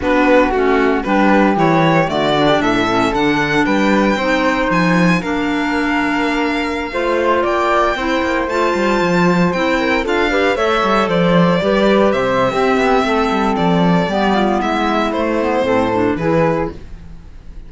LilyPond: <<
  \new Staff \with { instrumentName = "violin" } { \time 4/4 \tempo 4 = 115 b'4 fis'4 b'4 cis''4 | d''4 e''4 fis''4 g''4~ | g''4 gis''4 f''2~ | f''2~ f''16 g''4.~ g''16~ |
g''16 a''2 g''4 f''8.~ | f''16 e''4 d''2 e''8.~ | e''2 d''2 | e''4 c''2 b'4 | }
  \new Staff \with { instrumentName = "flute" } { \time 4/4 fis'2 g'2 | fis'8. g'16 a'2 b'4 | c''2 ais'2~ | ais'4~ ais'16 c''4 d''4 c''8.~ |
c''2~ c''8. ais'8 a'8 b'16~ | b'16 cis''4 c''4 b'4 c''8. | g'4 a'2 g'8 f'8 | e'2 a'4 gis'4 | }
  \new Staff \with { instrumentName = "clarinet" } { \time 4/4 d'4 cis'4 d'4 e'4 | a8 d'4 cis'8 d'2 | dis'2 d'2~ | d'4~ d'16 f'2 e'8.~ |
e'16 f'2 e'4 f'8 g'16~ | g'16 a'2 g'4.~ g'16 | c'2. b4~ | b4 a8 b8 c'8 d'8 e'4 | }
  \new Staff \with { instrumentName = "cello" } { \time 4/4 b4 a4 g4 e4 | d4 a,4 d4 g4 | c'4 f4 ais2~ | ais4~ ais16 a4 ais4 c'8 ais16~ |
ais16 a8 g8 f4 c'4 d'8.~ | d'16 a8 g8 f4 g4 c8. | c'8 b8 a8 g8 f4 g4 | gis4 a4 a,4 e4 | }
>>